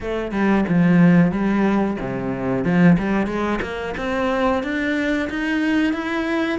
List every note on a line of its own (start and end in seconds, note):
0.00 0.31 A3
0.31 0.64 G3
0.68 1.31 F3
1.31 1.97 G3
2.00 2.64 C3
2.64 2.97 F3
2.98 3.26 G3
3.26 3.59 G#3
3.61 3.94 A#3
3.97 4.63 C4
4.63 5.29 D4
5.29 5.93 D#4
5.93 6.58 E4